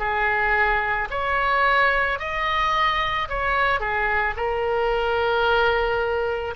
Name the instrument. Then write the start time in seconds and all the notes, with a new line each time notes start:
oboe
0.00 G#4
1.11 C#5
2.20 D#5
3.29 C#5
3.80 G#4
4.37 A#4